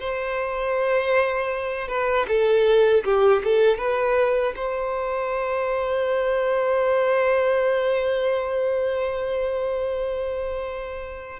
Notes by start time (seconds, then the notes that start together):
0.00 C5
1.88 B4
2.28 A4
3.05 G4
3.44 A4
3.78 B4
4.56 C5